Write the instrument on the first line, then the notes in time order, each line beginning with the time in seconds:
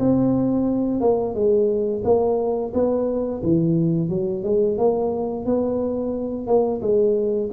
tuba
0.00 C4
1.01 A#3
1.35 G#3
2.05 A#3
2.74 B3
3.43 E3
4.10 F#3
4.44 G#3
4.79 A#3
5.46 B3
6.48 A#3
6.82 G#3